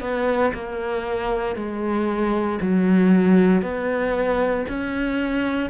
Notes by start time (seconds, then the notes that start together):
0.00 B3
0.53 A#3
1.55 G#3
2.61 F#3
3.62 B3
4.68 C#4